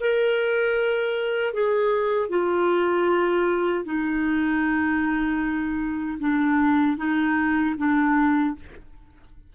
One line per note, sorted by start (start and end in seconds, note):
0.00 1.54 A#4
1.54 2.29 G#4
2.29 3.85 F4
3.85 6.18 D#4
6.19 6.97 D4
6.97 7.75 D#4
7.77 8.55 D4